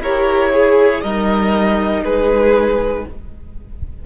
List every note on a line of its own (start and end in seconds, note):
0.00 1.02 E4
0.00 0.54 G4
0.00 0.52 A#4
0.00 1.01 C#5
0.53 1.03 G#4
1.01 2.03 G3
1.01 3.06 D#4
1.01 2.04 A#4
1.01 2.03 D#5
2.03 3.05 G#3
2.03 3.05 G#4
2.03 3.06 B4